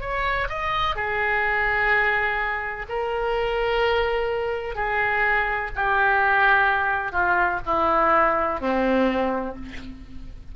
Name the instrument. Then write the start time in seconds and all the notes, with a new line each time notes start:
oboe
0.00 C#5
0.48 D#5
0.95 G#4
2.89 A#4
4.75 G#4
5.75 G4
7.12 F4
7.65 E4
8.60 C4